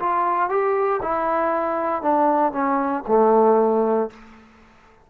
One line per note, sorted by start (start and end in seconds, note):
0.00 0.50 F4
0.50 1.01 G4
1.03 2.02 E4
2.02 2.52 D4
2.52 3.04 C#4
3.08 4.10 A3